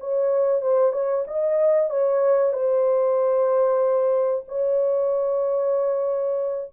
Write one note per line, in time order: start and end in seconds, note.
0.00 0.62 C#5
0.62 0.92 C5
0.92 1.24 C#5
1.27 1.90 D#5
1.90 2.52 C#5
2.52 4.44 C5
4.48 6.71 C#5